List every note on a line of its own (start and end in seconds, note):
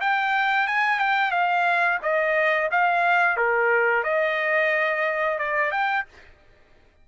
0.00 0.67 G5
0.67 0.99 G#5
0.99 1.31 G5
1.31 1.98 F5
2.02 2.70 D#5
2.71 3.37 F5
3.37 4.03 A#4
4.03 5.38 D#5
5.38 5.71 D5
5.71 6.05 G5